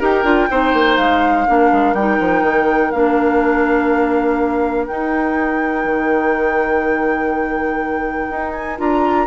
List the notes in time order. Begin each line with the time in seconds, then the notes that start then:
0.00 D#4 G4 A#4 G5
0.24 D4 F4
0.51 C4 D#4 C5
0.73 A#3
0.97 G#3 F5
1.47 A#3 D4 A#4
1.72 G#3
1.94 G3 D#4 G5
2.20 F3
2.43 D#3
2.91 A#3 D4 F5
4.87 D#4 G5
5.85 D#3
8.31 D#4
8.53 G#5
8.78 D4 F4 A#5